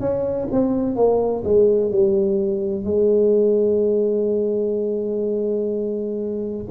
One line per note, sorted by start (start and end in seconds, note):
0.00 0.48 C#4
0.52 0.97 C4
0.97 1.44 A#3
1.45 1.92 G#3
1.92 2.85 G3
2.85 6.66 G#3